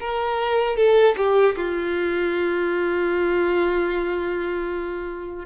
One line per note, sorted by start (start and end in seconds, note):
0.00 0.77 A#4
0.77 1.15 A4
1.17 1.56 G4
1.57 5.46 F4